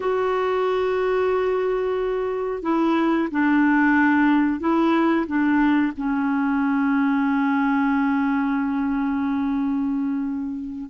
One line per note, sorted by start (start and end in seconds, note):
0.00 2.62 F#4
2.62 3.28 E4
3.31 4.60 D4
4.60 5.26 E4
5.26 5.92 D4
5.97 10.90 C#4